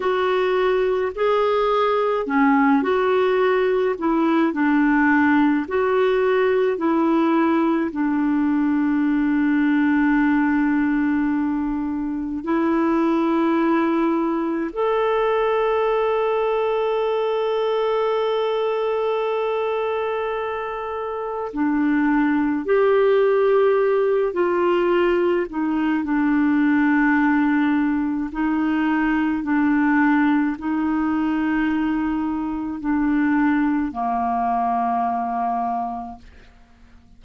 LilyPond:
\new Staff \with { instrumentName = "clarinet" } { \time 4/4 \tempo 4 = 53 fis'4 gis'4 cis'8 fis'4 e'8 | d'4 fis'4 e'4 d'4~ | d'2. e'4~ | e'4 a'2.~ |
a'2. d'4 | g'4. f'4 dis'8 d'4~ | d'4 dis'4 d'4 dis'4~ | dis'4 d'4 ais2 | }